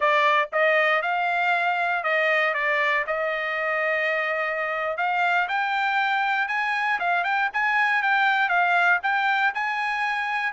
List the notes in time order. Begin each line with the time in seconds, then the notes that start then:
0.00 D5
0.52 D#5
1.02 F5
2.03 D#5
2.54 D5
3.06 D#5
4.97 F5
5.48 G5
6.48 G#5
6.99 F5
7.24 G5
7.53 G#5
8.02 G5
8.48 F5
9.03 G5
9.54 G#5